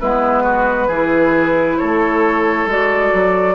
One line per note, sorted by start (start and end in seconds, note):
0.00 0.88 G#3
0.00 0.90 B3
0.00 0.43 E4
0.00 1.79 B4
0.43 0.87 F#4
0.87 1.78 E3
0.87 2.69 E4
0.87 1.77 G#4
1.79 2.66 A3
1.79 3.56 A4
1.79 2.68 C#5
2.66 3.11 G#3
2.66 3.56 F#4
2.66 3.56 D5
3.14 3.56 F#3